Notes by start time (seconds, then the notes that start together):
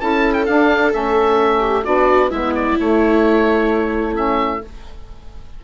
0.00 C#4 E4 A4 A5
0.34 G5
0.46 D4 F5
0.91 A3 C#4 E5
1.60 G4
1.84 B3 D4 F#4 D5
2.30 G#3 B3 E4 E5
2.55 D5
2.78 A3 C#5
4.15 C#4 E5